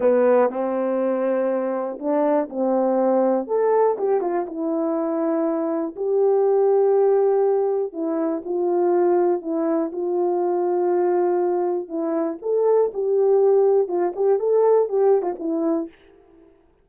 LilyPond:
\new Staff \with { instrumentName = "horn" } { \time 4/4 \tempo 4 = 121 b4 c'2. | d'4 c'2 a'4 | g'8 f'8 e'2. | g'1 |
e'4 f'2 e'4 | f'1 | e'4 a'4 g'2 | f'8 g'8 a'4 g'8. f'16 e'4 | }